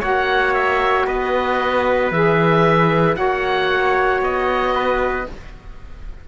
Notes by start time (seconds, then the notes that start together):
0.00 A#3 F#4 C#5 F#5
0.54 E5
1.06 B3 B4 D#5
2.11 E3 G#4 E5
3.15 A#3 F#4 C#5 F#5
4.21 B3 D#5
4.75 B4